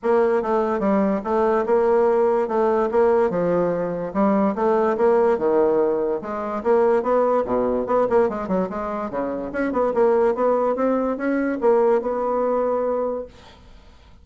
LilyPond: \new Staff \with { instrumentName = "bassoon" } { \time 4/4 \tempo 4 = 145 ais4 a4 g4 a4 | ais2 a4 ais4 | f2 g4 a4 | ais4 dis2 gis4 |
ais4 b4 b,4 b8 ais8 | gis8 fis8 gis4 cis4 cis'8 b8 | ais4 b4 c'4 cis'4 | ais4 b2. | }